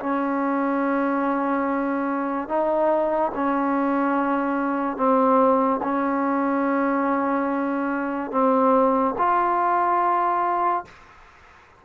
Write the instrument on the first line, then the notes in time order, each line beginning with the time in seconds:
trombone
0.00 C#4
2.48 D#4
3.35 C#4
4.97 C4
5.83 C#4
8.31 C4
9.18 F4